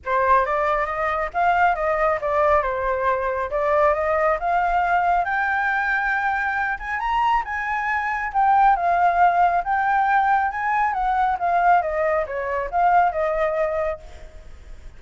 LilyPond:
\new Staff \with { instrumentName = "flute" } { \time 4/4 \tempo 4 = 137 c''4 d''4 dis''4 f''4 | dis''4 d''4 c''2 | d''4 dis''4 f''2 | g''2.~ g''8 gis''8 |
ais''4 gis''2 g''4 | f''2 g''2 | gis''4 fis''4 f''4 dis''4 | cis''4 f''4 dis''2 | }